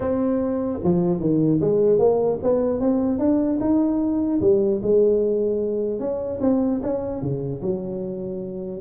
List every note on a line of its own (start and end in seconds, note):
0.00 0.80 C4
0.83 1.20 F3
1.20 1.60 D#3
1.61 1.99 G#3
1.99 2.39 A#3
2.42 2.79 B3
2.79 3.18 C4
3.18 3.58 D4
3.60 4.40 D#4
4.40 4.80 G3
4.82 5.99 G#3
5.99 6.39 C#4
6.40 6.80 C4
6.82 7.21 C#4
7.21 7.61 C#3
7.61 8.80 F#3